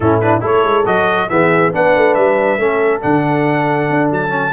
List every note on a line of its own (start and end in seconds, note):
0.00 0.41 A2
0.00 0.22 C#4
0.00 0.42 E4
0.00 0.19 A4
0.20 0.40 D4
0.20 0.42 B4
0.40 0.64 A3
0.40 0.84 E4
0.40 1.29 A4
0.40 0.86 C#5
0.64 0.85 G#3
0.85 1.29 F#3
0.85 1.29 F#4
0.85 1.29 D#5
1.29 1.73 E3
1.29 1.72 B3
1.29 1.73 G#4
1.29 1.72 E5
1.72 1.95 B3
1.72 2.59 D4
1.72 2.59 B4
1.72 2.14 F#5
1.95 2.16 A3
2.14 2.58 G3
2.14 3.00 E5
2.58 3.01 A3
2.58 3.01 C#4
2.58 4.52 A4
3.01 3.89 D3
3.01 4.29 D4
3.01 4.10 F#5
3.89 4.11 D4
4.11 4.52 F#3
4.11 4.52 A5
4.29 4.50 C#4